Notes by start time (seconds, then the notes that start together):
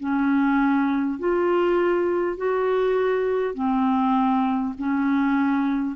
0.00 C#4
1.19 F4
2.37 F#4
3.54 C4
4.78 C#4